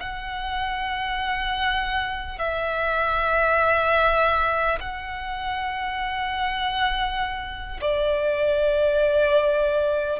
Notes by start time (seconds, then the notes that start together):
0.00 F#5
2.39 E5
4.80 F#5
7.81 D5